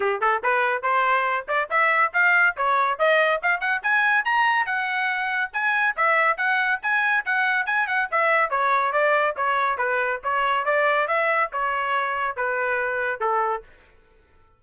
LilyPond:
\new Staff \with { instrumentName = "trumpet" } { \time 4/4 \tempo 4 = 141 g'8 a'8 b'4 c''4. d''8 | e''4 f''4 cis''4 dis''4 | f''8 fis''8 gis''4 ais''4 fis''4~ | fis''4 gis''4 e''4 fis''4 |
gis''4 fis''4 gis''8 fis''8 e''4 | cis''4 d''4 cis''4 b'4 | cis''4 d''4 e''4 cis''4~ | cis''4 b'2 a'4 | }